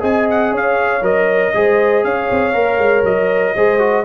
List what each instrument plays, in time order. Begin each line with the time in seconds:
0.00 tuba C4, trombone G#4, horn D#5, trumpet G#5
0.30 trumpet F#5
0.52 tuba C#4, horn C#5, trumpet F5
1.02 tuba F#3, trombone A#4, trumpet D#5
1.55 tuba G#3, trombone G#4, horn C5
2.04 tuba C#4, horn C#5, trumpet F5
2.31 tuba C4
2.53 tuba A#3, trombone A#4
2.78 tuba G#3
3.04 tuba F#3, trumpet D#5
3.55 tuba G#3, trombone G#4, horn C5
3.79 trombone F#4